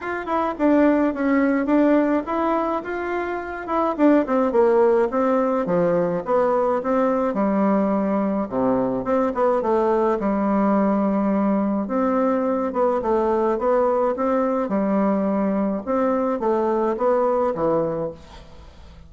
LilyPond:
\new Staff \with { instrumentName = "bassoon" } { \time 4/4 \tempo 4 = 106 f'8 e'8 d'4 cis'4 d'4 | e'4 f'4. e'8 d'8 c'8 | ais4 c'4 f4 b4 | c'4 g2 c4 |
c'8 b8 a4 g2~ | g4 c'4. b8 a4 | b4 c'4 g2 | c'4 a4 b4 e4 | }